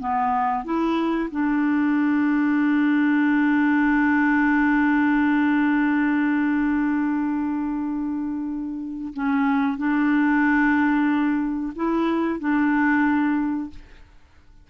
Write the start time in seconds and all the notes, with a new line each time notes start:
0.00 B3
0.65 E4
1.31 D4
9.14 C#4
9.78 D4
11.76 E4
12.40 D4